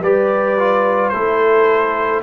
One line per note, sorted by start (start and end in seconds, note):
0.00 1.11 G3
0.00 0.59 G4
0.00 1.12 B4
0.00 1.09 D5
0.59 1.13 F4
1.09 2.23 A3
1.09 2.23 E4
1.09 2.23 A4
1.09 2.20 C5